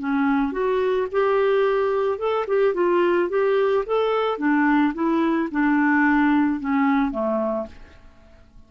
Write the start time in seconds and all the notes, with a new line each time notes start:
0.00 C#4
0.53 F#4
1.12 G4
2.19 A4
2.48 G4
2.74 F4
3.30 G4
3.86 A4
4.39 D4
4.94 E4
5.52 D4
6.60 C#4
7.12 A3